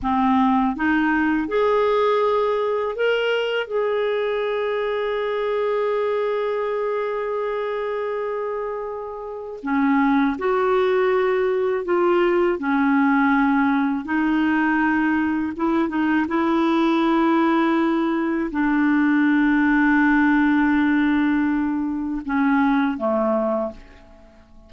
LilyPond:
\new Staff \with { instrumentName = "clarinet" } { \time 4/4 \tempo 4 = 81 c'4 dis'4 gis'2 | ais'4 gis'2.~ | gis'1~ | gis'4 cis'4 fis'2 |
f'4 cis'2 dis'4~ | dis'4 e'8 dis'8 e'2~ | e'4 d'2.~ | d'2 cis'4 a4 | }